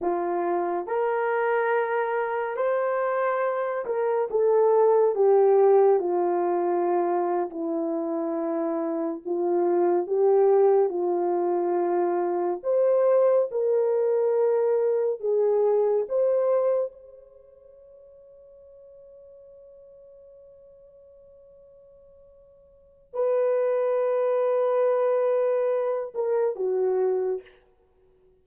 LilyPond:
\new Staff \with { instrumentName = "horn" } { \time 4/4 \tempo 4 = 70 f'4 ais'2 c''4~ | c''8 ais'8 a'4 g'4 f'4~ | f'8. e'2 f'4 g'16~ | g'8. f'2 c''4 ais'16~ |
ais'4.~ ais'16 gis'4 c''4 cis''16~ | cis''1~ | cis''2. b'4~ | b'2~ b'8 ais'8 fis'4 | }